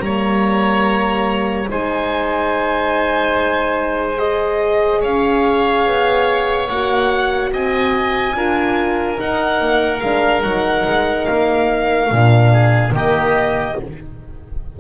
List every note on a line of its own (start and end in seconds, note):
0.00 1.67 G3
0.00 1.68 A#3
0.00 1.70 C#5
0.00 1.68 A#5
1.69 5.04 G#3
1.69 4.18 D#4
1.69 5.01 C5
1.69 4.19 G#5
4.18 6.68 G#4
4.18 5.02 D#5
5.01 5.86 C#4
5.01 7.51 C#5
5.01 6.68 F5
5.86 6.70 B3
6.68 7.53 A#3
6.68 8.36 F#4
6.68 7.52 F#5
7.53 8.34 C4
7.53 8.36 D#5
7.53 9.20 G#5
8.34 9.18 D4
8.34 9.16 F4
8.34 12.52 A#4
9.16 10.00 D#4
9.16 9.60 D#4
9.16 10.01 F#5
9.60 10.02 A#3
10.01 10.43 G#3
10.01 10.43 D4
10.01 10.43 F5
10.43 10.85 F#3
10.43 12.10 D#4
10.43 11.26 F#5
10.86 11.28 G#3
11.26 12.11 A#3
11.26 12.93 F5
12.10 12.92 A#2
12.10 12.93 D4
12.52 12.94 G#4
12.92 13.75 D#3
12.92 13.77 A#3
12.92 13.78 G4
12.92 13.80 D#5